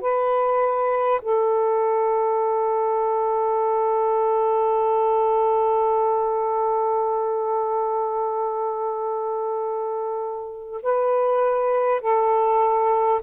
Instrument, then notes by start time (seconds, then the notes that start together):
saxophone
0.00 B4
1.21 A4
10.82 B4
12.01 A4